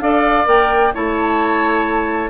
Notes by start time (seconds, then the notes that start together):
0.00 D4 A4 D5 F5
0.44 A#3 A#4 G5
0.94 A3 E4 C#5 A5